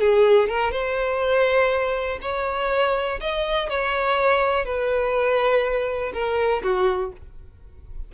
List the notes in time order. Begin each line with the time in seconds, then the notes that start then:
0.00 G#4
0.49 A#4
0.71 C5
2.22 C#5
3.20 D#5
3.70 C#5
4.65 B4
6.13 A#4
6.63 F#4